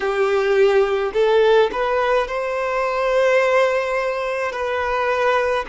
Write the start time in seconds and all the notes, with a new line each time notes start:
0.00 G4
1.13 A4
1.71 B4
2.27 C5
4.51 B4